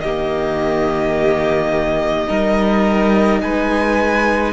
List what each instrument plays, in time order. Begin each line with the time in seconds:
0.00 cello D#3, viola A#3, violin G4 D#5
2.28 cello G3, viola D#4, violin A#4
3.42 cello G#3, violin B4 G#5